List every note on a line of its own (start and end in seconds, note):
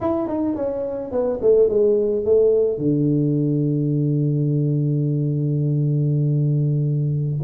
0.00 0.28 E4
0.28 0.55 D#4
0.55 1.11 C#4
1.11 1.39 B3
1.41 1.68 A3
1.68 2.24 G#3
2.25 2.78 A3
2.78 7.40 D3